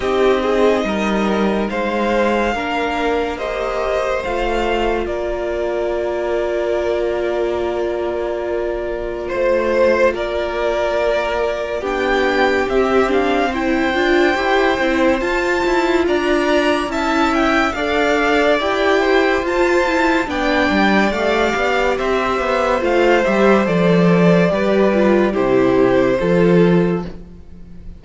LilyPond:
<<
  \new Staff \with { instrumentName = "violin" } { \time 4/4 \tempo 4 = 71 dis''2 f''2 | dis''4 f''4 d''2~ | d''2. c''4 | d''2 g''4 e''8 f''8 |
g''2 a''4 ais''4 | a''8 g''8 f''4 g''4 a''4 | g''4 f''4 e''4 f''8 e''8 | d''2 c''2 | }
  \new Staff \with { instrumentName = "violin" } { \time 4/4 g'8 gis'8 ais'4 c''4 ais'4 | c''2 ais'2~ | ais'2. c''4 | ais'2 g'2 |
c''2. d''4 | e''4 d''4. c''4. | d''2 c''2~ | c''4 b'4 g'4 a'4 | }
  \new Staff \with { instrumentName = "viola" } { \time 4/4 dis'2. d'4 | g'4 f'2.~ | f'1~ | f'2 d'4 c'8 d'8 |
e'8 f'8 g'8 e'8 f'2 | e'4 a'4 g'4 f'8 e'8 | d'4 g'2 f'8 g'8 | a'4 g'8 f'8 e'4 f'4 | }
  \new Staff \with { instrumentName = "cello" } { \time 4/4 c'4 g4 gis4 ais4~ | ais4 a4 ais2~ | ais2. a4 | ais2 b4 c'4~ |
c'8 d'8 e'8 c'8 f'8 e'8 d'4 | cis'4 d'4 e'4 f'4 | b8 g8 a8 b8 c'8 b8 a8 g8 | f4 g4 c4 f4 | }
>>